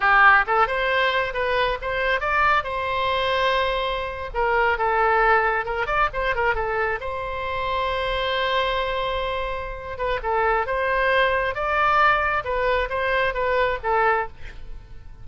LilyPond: \new Staff \with { instrumentName = "oboe" } { \time 4/4 \tempo 4 = 135 g'4 a'8 c''4. b'4 | c''4 d''4 c''2~ | c''4.~ c''16 ais'4 a'4~ a'16~ | a'8. ais'8 d''8 c''8 ais'8 a'4 c''16~ |
c''1~ | c''2~ c''8 b'8 a'4 | c''2 d''2 | b'4 c''4 b'4 a'4 | }